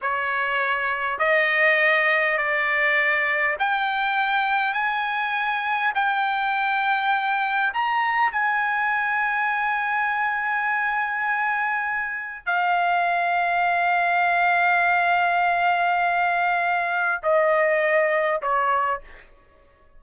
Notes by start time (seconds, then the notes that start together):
0.01 C#5
1.19 D#5
2.37 D5
3.59 G5
4.73 G#5
5.95 G5
7.73 A#5
8.31 G#5
12.46 F5
17.23 D#5
18.42 C#5